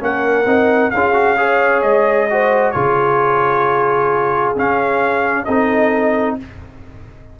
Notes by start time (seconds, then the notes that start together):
0.00 A#3 C#4 A#4 F#5
0.46 C4 D#4
0.91 C#4 F4 G#4 F5
1.14 F#4
1.37 G#4 C#5
1.82 G#3 D#5
2.30 F#4 C5
2.72 C#3 F4 G#4 C#5
4.56 C#4 F5
5.45 C4 D#4 A4 D#5